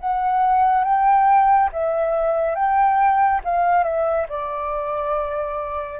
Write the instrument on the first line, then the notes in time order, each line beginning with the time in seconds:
flute
0.00 F#5
0.84 G5
1.73 E5
2.56 G5
3.44 F5
3.84 E5
4.29 D5